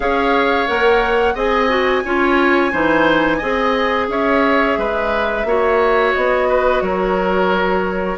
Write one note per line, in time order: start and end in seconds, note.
0.00 0.67 C#4
0.00 0.67 G#4
0.00 1.34 C#5
0.00 0.67 F5
0.67 1.35 A#3
0.67 1.35 A#4
0.67 1.36 F#5
1.34 2.03 C4
1.34 1.68 G#4
1.34 2.02 D#5
1.34 4.09 G#5
1.68 2.03 F#4
2.04 2.72 C#4
2.04 2.71 F4
2.04 2.71 C#5
2.71 3.41 E3
2.71 3.40 D#4
2.71 3.37 C5
3.37 4.08 C4
3.37 5.45 G#4
3.37 4.05 D#5
4.08 4.76 C#4
4.08 4.78 C#5
4.08 6.14 E5
4.77 5.44 G#3
4.77 5.46 B4
5.44 6.12 A#3
5.44 8.17 F#4
5.44 6.48 C#5
6.14 6.81 B3
6.14 6.81 D#5
6.48 6.82 B4
6.81 8.17 F#3
6.81 8.17 A#4
6.81 8.17 C#5